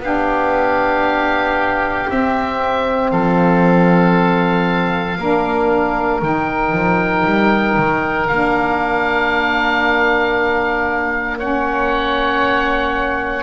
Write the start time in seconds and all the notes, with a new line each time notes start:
0.00 B3 D4 G4 F5
2.06 C4 E5
3.11 F3 A4 F5
5.18 A#3 D4 A#4
6.21 D#3 D#4 G5
6.73 F3
7.25 G3
7.77 D#3
8.28 A#3 D4 F5
11.38 C#4 C#5 F#5